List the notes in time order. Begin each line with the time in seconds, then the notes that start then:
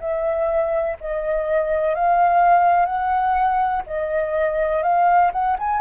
0.00 E5
1.00 D#5
1.95 F5
2.85 F#5
3.87 D#5
4.83 F5
5.33 F#5
5.59 G#5